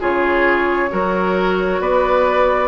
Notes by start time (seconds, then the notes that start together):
0.00 C#3 F4 G#4 C#5
0.90 F#3 F#4 A#4
1.80 B3 B4 D5